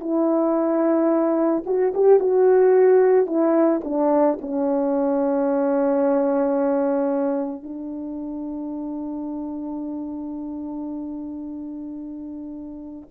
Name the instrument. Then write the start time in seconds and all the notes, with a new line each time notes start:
horn
0.00 E4
1.66 F#4
1.94 G4
2.20 F#4
3.26 E4
3.84 D4
4.41 C#4
7.63 D4